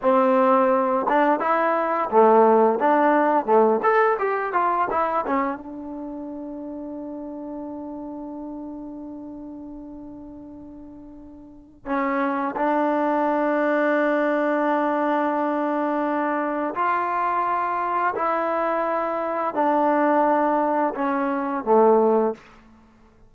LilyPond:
\new Staff \with { instrumentName = "trombone" } { \time 4/4 \tempo 4 = 86 c'4. d'8 e'4 a4 | d'4 a8 a'8 g'8 f'8 e'8 cis'8 | d'1~ | d'1~ |
d'4 cis'4 d'2~ | d'1 | f'2 e'2 | d'2 cis'4 a4 | }